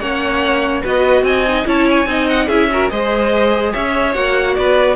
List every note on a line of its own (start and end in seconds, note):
0.00 0.83 A#3
0.00 0.83 C#4
0.00 0.83 C#5
0.00 0.83 F#5
0.83 1.23 B3
0.83 1.45 F#4
0.83 1.24 B4
0.83 1.25 D#5
1.23 1.64 C4
1.23 1.68 D#5
1.23 1.66 G#5
1.47 1.65 D#4
1.65 2.06 C#4
1.65 2.06 E4
1.65 2.09 C#5
1.65 1.89 A5
1.90 2.28 G#5
2.06 2.48 C4
2.06 2.49 D#4
2.06 2.48 D#5
2.28 2.49 F#5
2.48 2.91 C#4
2.48 2.71 E4
2.48 2.68 G#4
2.48 2.90 E5
2.71 2.90 F#4
2.71 2.92 A#4
2.90 3.74 G#3
2.90 4.14 G#4
2.90 3.73 C5
2.90 3.73 D#5
3.73 4.16 C#4
3.73 4.56 C#5
3.73 4.14 E5
4.14 4.57 A#3
4.14 4.96 F#4
4.14 4.56 F#5
4.56 4.96 B3
4.56 4.96 B4
4.56 4.96 D5